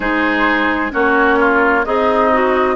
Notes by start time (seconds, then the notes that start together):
0.00 G#3 D#4 G#4 C5
0.91 A#3 C#4 F#4 C#5
1.39 F4
1.84 C4 D#4 G#4 D#5
2.32 F#4